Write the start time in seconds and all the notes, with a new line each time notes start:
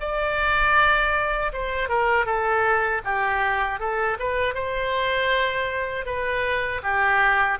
0.00 D5
1.53 C5
1.89 A#4
2.26 A4
3.04 G4
3.79 A4
4.19 B4
4.54 C5
6.06 B4
6.83 G4